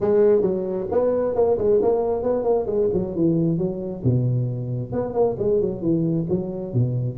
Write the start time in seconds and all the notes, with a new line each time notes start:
0.01 G#3
0.41 F#3
0.91 B3
1.35 A#3
1.58 G#3
1.82 A#3
2.23 B3
2.43 A#3
2.66 G#3
2.93 F#3
3.15 E3
3.58 F#3
4.03 B2
4.92 B3
5.13 A#3
5.39 G#3
5.61 F#3
5.81 E3
6.29 F#3
6.73 B2